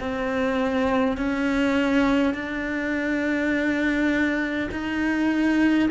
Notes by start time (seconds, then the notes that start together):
0.00 C4
1.18 C#4
2.34 D4
4.72 D#4